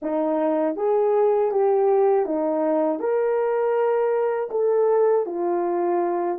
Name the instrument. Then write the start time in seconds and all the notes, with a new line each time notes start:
horn
0.02 D#4
0.76 G#4
1.51 G4
2.25 D#4
2.99 A#4
4.50 A4
5.25 F4